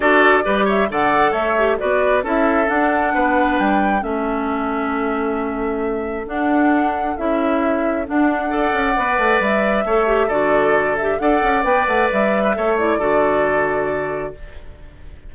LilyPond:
<<
  \new Staff \with { instrumentName = "flute" } { \time 4/4 \tempo 4 = 134 d''4. e''8 fis''4 e''4 | d''4 e''4 fis''2 | g''4 e''2.~ | e''2 fis''2 |
e''2 fis''2~ | fis''4 e''2 d''4~ | d''8 e''8 fis''4 g''8 fis''8 e''4~ | e''8 d''2.~ d''8 | }
  \new Staff \with { instrumentName = "oboe" } { \time 4/4 a'4 b'8 cis''8 d''4 cis''4 | b'4 a'2 b'4~ | b'4 a'2.~ | a'1~ |
a'2. d''4~ | d''2 cis''4 a'4~ | a'4 d''2~ d''8. b'16 | cis''4 a'2. | }
  \new Staff \with { instrumentName = "clarinet" } { \time 4/4 fis'4 g'4 a'4. g'8 | fis'4 e'4 d'2~ | d'4 cis'2.~ | cis'2 d'2 |
e'2 d'4 a'4 | b'2 a'8 g'8 fis'4~ | fis'8 g'8 a'4 b'2 | a'8 e'8 fis'2. | }
  \new Staff \with { instrumentName = "bassoon" } { \time 4/4 d'4 g4 d4 a4 | b4 cis'4 d'4 b4 | g4 a2.~ | a2 d'2 |
cis'2 d'4. cis'8 | b8 a8 g4 a4 d4~ | d4 d'8 cis'8 b8 a8 g4 | a4 d2. | }
>>